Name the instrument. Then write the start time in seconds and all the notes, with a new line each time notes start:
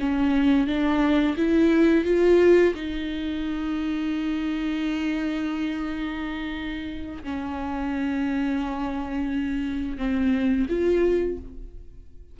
viola
0.00 C#4
0.67 D4
1.37 E4
2.05 F4
2.75 D#4
7.23 C#4
9.98 C4
10.69 F4